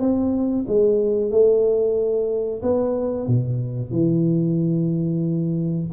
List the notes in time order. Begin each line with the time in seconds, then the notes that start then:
0.00 C4
0.68 G#3
1.31 A3
2.63 B3
3.27 B2
3.91 E3